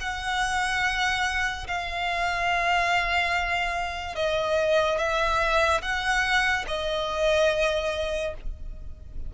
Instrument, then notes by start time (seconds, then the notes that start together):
violin
0.00 F#5
1.67 F5
4.15 D#5
4.98 E5
5.81 F#5
6.67 D#5